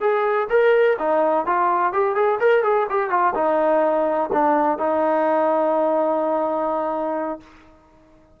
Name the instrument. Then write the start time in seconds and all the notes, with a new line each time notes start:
trombone
0.00 G#4
0.49 A#4
0.98 D#4
1.46 F4
1.93 G4
2.15 G#4
2.40 A#4
2.63 G#4
2.89 G4
3.10 F4
3.35 D#4
4.32 D4
4.78 D#4